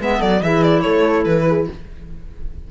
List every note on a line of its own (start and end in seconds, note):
0.00 0.21 G#3
0.00 0.43 B3
0.00 0.19 B4
0.00 0.22 E5
0.19 0.42 F#3
0.19 0.41 A4
0.19 0.43 D5
0.42 0.84 E3
0.42 1.71 E4
0.42 0.83 G#4
0.42 0.63 E5
0.63 0.82 D5
0.82 1.25 A3
0.82 1.47 A4
0.82 1.24 C#5
1.25 1.68 E3
1.25 1.68 B4
1.48 1.69 G#4